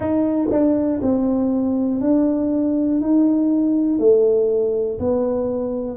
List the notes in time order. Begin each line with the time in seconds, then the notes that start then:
0.00 D#4
0.50 D4
1.02 C4
2.00 D4
3.00 D#4
3.99 A3
4.99 B3